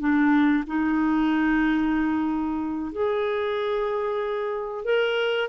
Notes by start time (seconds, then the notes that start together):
0.00 D4
0.67 D#4
2.92 G#4
4.85 A#4